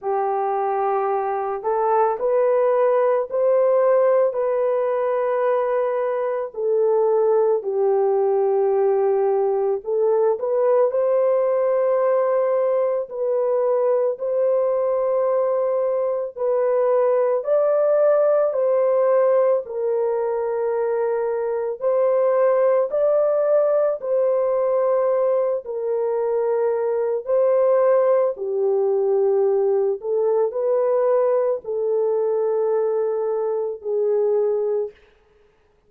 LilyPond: \new Staff \with { instrumentName = "horn" } { \time 4/4 \tempo 4 = 55 g'4. a'8 b'4 c''4 | b'2 a'4 g'4~ | g'4 a'8 b'8 c''2 | b'4 c''2 b'4 |
d''4 c''4 ais'2 | c''4 d''4 c''4. ais'8~ | ais'4 c''4 g'4. a'8 | b'4 a'2 gis'4 | }